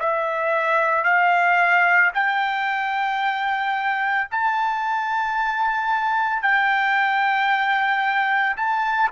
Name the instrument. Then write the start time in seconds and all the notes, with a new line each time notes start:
trumpet
0.00 E5
1.05 F5
2.15 G5
4.31 A5
6.42 G5
8.57 A5